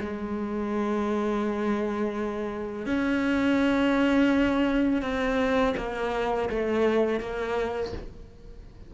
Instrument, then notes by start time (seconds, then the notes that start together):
cello
0.00 G#3
2.86 C#4
5.02 C4
5.76 A#3
6.49 A3
7.20 A#3